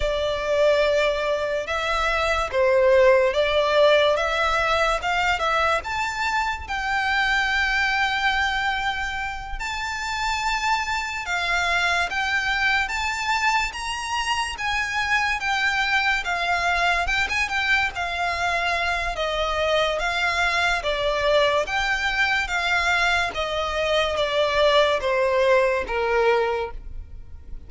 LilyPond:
\new Staff \with { instrumentName = "violin" } { \time 4/4 \tempo 4 = 72 d''2 e''4 c''4 | d''4 e''4 f''8 e''8 a''4 | g''2.~ g''8 a''8~ | a''4. f''4 g''4 a''8~ |
a''8 ais''4 gis''4 g''4 f''8~ | f''8 g''16 gis''16 g''8 f''4. dis''4 | f''4 d''4 g''4 f''4 | dis''4 d''4 c''4 ais'4 | }